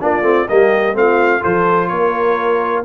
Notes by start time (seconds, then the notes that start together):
0.00 A#3 D4 F4 D5
0.21 A3 C4
0.48 G3 A#3 G4 D#5
0.94 A3 C4 F4 F5
1.40 F3 F4 A4 C5
1.88 A#3 A#4 C#5